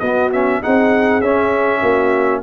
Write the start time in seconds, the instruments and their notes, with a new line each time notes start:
0.00 tuba B3, trombone B3, horn F#4, trumpet D#5
0.33 trombone C#4, trumpet E5
0.63 tuba C4, trombone D#4, horn G#4, trumpet F#5
1.21 tuba C#4, trombone C#4, trumpet E5
1.81 tuba A#3, horn F#4